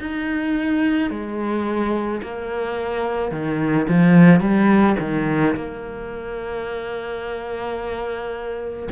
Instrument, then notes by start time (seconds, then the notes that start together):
cello
0.00 D#4
1.10 G#3
2.23 A#3
3.31 D#3
3.88 F3
4.40 G3
4.99 D#3
5.56 A#3